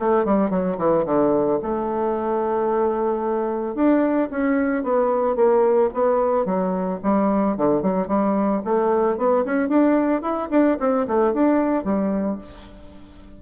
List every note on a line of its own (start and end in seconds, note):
0.00 0.26 A3
0.26 0.50 G3
0.50 0.77 F#3
0.78 1.05 E3
1.06 1.60 D3
1.63 3.75 A3
3.75 4.29 D4
4.31 4.84 C#4
4.84 5.36 B3
5.36 5.90 A#3
5.94 6.46 B3
6.46 7.00 F#3
7.03 7.57 G3
7.57 7.83 D3
7.83 8.08 F#3
8.08 8.62 G3
8.65 9.18 A3
9.18 9.45 B3
9.46 9.69 C#4
9.69 10.22 D4
10.22 10.49 E4
10.51 10.78 D4
10.80 11.07 C4
11.08 11.34 A3
11.34 11.85 D4
11.85 12.39 G3